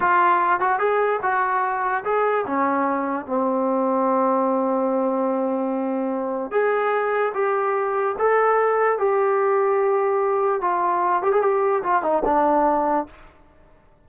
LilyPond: \new Staff \with { instrumentName = "trombone" } { \time 4/4 \tempo 4 = 147 f'4. fis'8 gis'4 fis'4~ | fis'4 gis'4 cis'2 | c'1~ | c'1 |
gis'2 g'2 | a'2 g'2~ | g'2 f'4. g'16 gis'16 | g'4 f'8 dis'8 d'2 | }